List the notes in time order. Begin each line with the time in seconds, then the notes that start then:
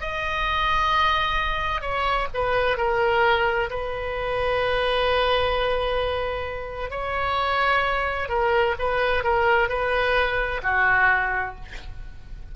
0.00 D#5
1.81 C#5
2.34 B4
2.77 A#4
3.70 B4
6.90 C#5
8.28 A#4
8.79 B4
9.23 A#4
9.68 B4
10.62 F#4